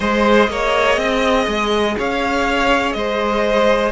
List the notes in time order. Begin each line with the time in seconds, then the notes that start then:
0.00 G#3 G#4 C5 D#5
0.48 A#3 C#5
0.97 C4 D#5
1.46 G#3
1.98 C#4 C#5 F5
2.92 G#3 C5 D#5